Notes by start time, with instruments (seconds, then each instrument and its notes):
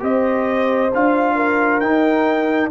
0.00 tuba C4, trombone G4, horn C5, trumpet D#5
0.95 tuba D4, trombone F4, trumpet F5
1.36 horn A#4
1.80 tuba D#4, trombone D#4, trumpet G5